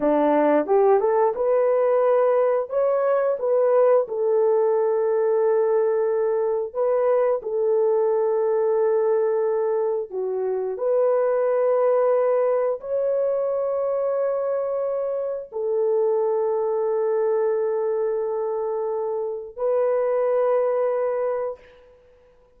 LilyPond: \new Staff \with { instrumentName = "horn" } { \time 4/4 \tempo 4 = 89 d'4 g'8 a'8 b'2 | cis''4 b'4 a'2~ | a'2 b'4 a'4~ | a'2. fis'4 |
b'2. cis''4~ | cis''2. a'4~ | a'1~ | a'4 b'2. | }